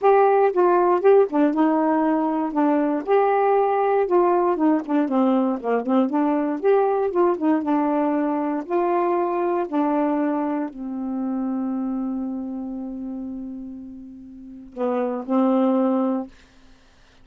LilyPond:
\new Staff \with { instrumentName = "saxophone" } { \time 4/4 \tempo 4 = 118 g'4 f'4 g'8 d'8 dis'4~ | dis'4 d'4 g'2 | f'4 dis'8 d'8 c'4 ais8 c'8 | d'4 g'4 f'8 dis'8 d'4~ |
d'4 f'2 d'4~ | d'4 c'2.~ | c'1~ | c'4 b4 c'2 | }